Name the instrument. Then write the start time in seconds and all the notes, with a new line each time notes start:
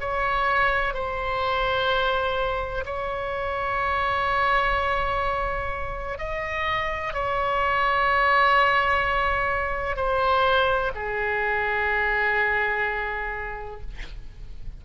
oboe
0.00 C#5
0.94 C5
2.86 C#5
6.18 D#5
7.13 C#5
9.96 C5
10.95 G#4